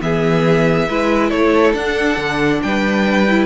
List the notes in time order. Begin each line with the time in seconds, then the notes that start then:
0.00 E3 B3 G#4 E5
0.88 G#3 E4 B4
1.30 A3 A4 C#5
1.73 D4 F#5
2.17 D3
2.62 G3 B4 G5
3.27 E4